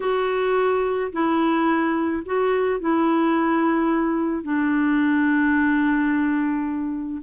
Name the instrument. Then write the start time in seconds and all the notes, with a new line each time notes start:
clarinet
0.00 F#4
1.12 E4
2.25 F#4
2.80 E4
4.43 D4